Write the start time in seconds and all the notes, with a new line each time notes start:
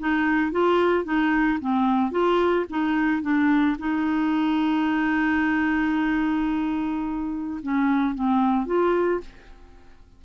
0.00 D#4
0.52 F4
1.05 D#4
1.61 C4
2.11 F4
2.70 D#4
3.22 D4
3.79 D#4
7.63 C#4
8.15 C4
8.66 F4